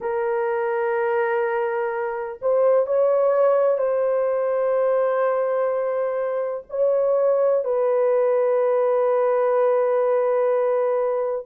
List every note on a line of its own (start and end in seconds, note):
0.00 2.39 A#4
2.41 2.86 C5
2.86 3.78 C#5
3.78 6.64 C5
6.69 7.64 C#5
7.64 11.45 B4